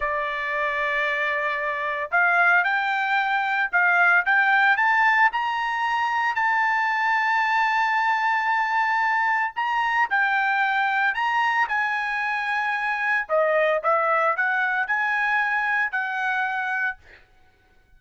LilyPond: \new Staff \with { instrumentName = "trumpet" } { \time 4/4 \tempo 4 = 113 d''1 | f''4 g''2 f''4 | g''4 a''4 ais''2 | a''1~ |
a''2 ais''4 g''4~ | g''4 ais''4 gis''2~ | gis''4 dis''4 e''4 fis''4 | gis''2 fis''2 | }